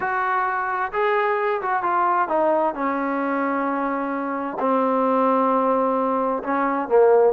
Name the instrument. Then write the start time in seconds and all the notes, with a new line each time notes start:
trombone
0.00 F#4
0.92 G#4
1.61 F#4
1.82 F4
2.28 D#4
2.74 C#4
4.59 C4
6.43 C#4
6.88 A#3